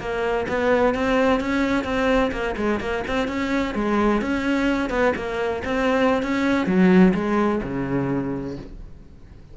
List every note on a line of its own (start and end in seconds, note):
0.00 0.47 A#3
0.48 0.95 B3
0.95 1.40 C4
1.40 1.84 C#4
1.84 2.31 C4
2.32 2.55 A#3
2.57 2.80 G#3
2.80 3.04 A#3
3.08 3.28 C4
3.28 3.75 C#4
3.75 4.21 G#3
4.21 4.90 C#4
4.90 5.13 B3
5.16 5.63 A#3
5.65 6.23 C4
6.23 6.67 C#4
6.67 7.14 F#3
7.14 7.61 G#3
7.63 8.57 C#3